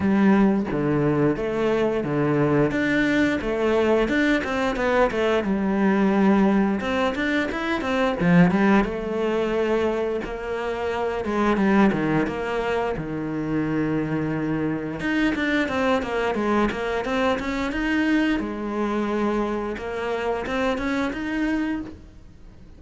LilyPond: \new Staff \with { instrumentName = "cello" } { \time 4/4 \tempo 4 = 88 g4 d4 a4 d4 | d'4 a4 d'8 c'8 b8 a8 | g2 c'8 d'8 e'8 c'8 | f8 g8 a2 ais4~ |
ais8 gis8 g8 dis8 ais4 dis4~ | dis2 dis'8 d'8 c'8 ais8 | gis8 ais8 c'8 cis'8 dis'4 gis4~ | gis4 ais4 c'8 cis'8 dis'4 | }